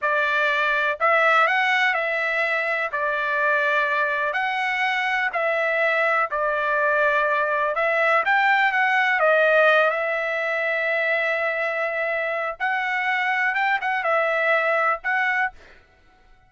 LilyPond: \new Staff \with { instrumentName = "trumpet" } { \time 4/4 \tempo 4 = 124 d''2 e''4 fis''4 | e''2 d''2~ | d''4 fis''2 e''4~ | e''4 d''2. |
e''4 g''4 fis''4 dis''4~ | dis''8 e''2.~ e''8~ | e''2 fis''2 | g''8 fis''8 e''2 fis''4 | }